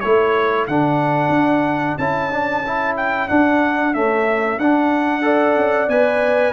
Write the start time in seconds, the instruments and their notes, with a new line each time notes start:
0.00 tuba A3, trombone E4, horn A4, trumpet C#5
0.67 tuba D3, trombone D4, trumpet F#5
1.29 tuba D4
1.98 tuba C#4, trombone E4, trumpet A5
2.30 trombone D4
2.66 trombone E4
2.96 trumpet G5
3.28 trombone D4, tuba D4, trumpet F#5
3.93 trombone A3, tuba C#4, trumpet E5
4.58 tuba D4, trombone D4, trumpet F#5
5.22 trombone A4, horn D5
5.56 tuba C#4
5.88 tuba B3, trombone B4, trumpet G#5